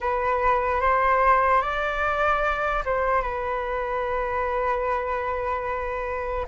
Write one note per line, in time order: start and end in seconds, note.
0.00 0.81 B4
0.81 1.61 C5
1.61 2.83 D5
2.85 3.22 C5
3.22 6.46 B4